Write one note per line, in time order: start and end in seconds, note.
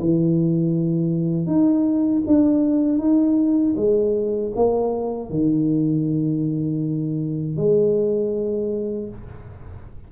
0.00 1.47 E3
1.47 2.23 D#4
2.27 2.99 D4
2.99 3.75 D#4
3.77 4.53 G#3
4.56 5.30 A#3
5.30 7.57 D#3
7.57 9.09 G#3